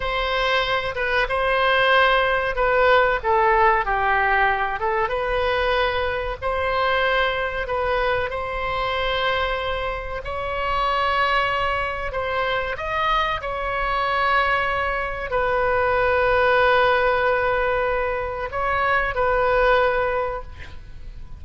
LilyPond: \new Staff \with { instrumentName = "oboe" } { \time 4/4 \tempo 4 = 94 c''4. b'8 c''2 | b'4 a'4 g'4. a'8 | b'2 c''2 | b'4 c''2. |
cis''2. c''4 | dis''4 cis''2. | b'1~ | b'4 cis''4 b'2 | }